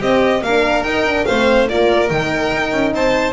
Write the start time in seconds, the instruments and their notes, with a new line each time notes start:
0.00 horn C4, double bass C4, violin G4 D#5
0.42 double bass A#3, horn D4, violin A#4 F5
0.84 double bass D#4, horn D#4, violin G5
1.07 horn D4
1.25 double bass A3, horn C4, violin C5 F5
1.69 double bass A#3, horn F4, violin A#4 D5
2.09 double bass D#3, horn D#4, violin G5
2.53 double bass D#4
2.72 double bass C#4
2.93 double bass C4, violin C5 A5